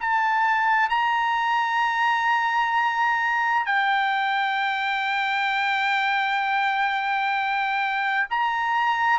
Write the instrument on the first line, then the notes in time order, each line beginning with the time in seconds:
trumpet
0.00 A5
0.89 A#5
3.65 G5
8.30 A#5